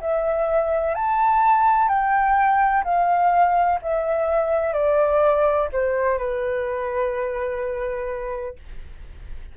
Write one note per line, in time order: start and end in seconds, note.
0.00 0.95 E5
0.95 1.88 A5
1.88 2.84 G5
2.84 3.79 F5
3.82 4.73 E5
4.73 5.68 D5
5.72 6.18 C5
6.18 8.56 B4